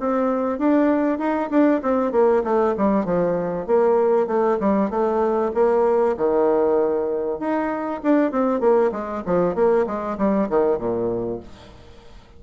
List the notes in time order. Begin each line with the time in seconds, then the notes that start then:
0.00 C4
0.59 D4
1.19 D#4
1.50 D4
1.82 C4
2.12 A#3
2.44 A3
2.78 G3
3.05 F3
3.67 A#3
4.28 A3
4.61 G3
4.91 A3
5.55 A#3
6.17 D#3
7.40 D#4
8.04 D4
8.32 C4
8.61 A#3
8.92 G#3
9.26 F3
9.55 A#3
9.87 G#3
10.18 G3
10.50 D#3
10.79 A#2